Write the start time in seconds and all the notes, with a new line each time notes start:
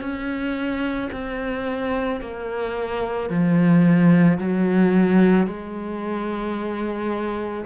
0.00 C#4
1.12 C4
2.20 A#3
3.29 F3
4.38 F#3
5.46 G#3